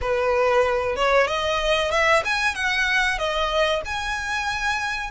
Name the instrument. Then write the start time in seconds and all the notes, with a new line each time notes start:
violin
0.01 B4
0.96 C#5
1.27 D#5
1.91 E5
2.24 G#5
2.54 F#5
3.18 D#5
3.85 G#5